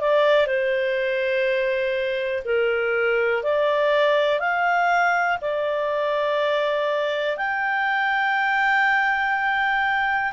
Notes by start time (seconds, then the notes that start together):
0.00 D5
0.46 C5
2.45 A#4
3.43 D5
4.39 F5
5.41 D5
7.37 G5